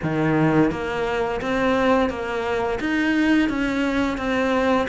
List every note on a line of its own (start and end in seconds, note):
0.02 0.71 D#3
0.71 1.40 A#3
1.41 2.09 C4
2.09 2.79 A#3
2.80 3.49 D#4
3.49 4.17 C#4
4.17 4.87 C4